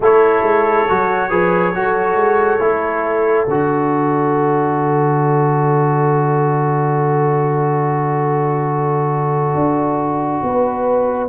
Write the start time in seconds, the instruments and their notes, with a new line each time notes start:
0.00 tuba A3, trombone E4, horn A4, trumpet C#5
0.42 tuba G#3
0.88 tuba F#3, trombone F#4
1.30 tuba F3, trombone G#4, horn B4
1.74 tuba F#3, trombone F#4, horn A4
2.15 tuba G#3
2.59 tuba A3, trombone E4
3.47 tuba D3, trombone F#4, trumpet D5
9.54 tuba D4
10.42 tuba B3, horn B4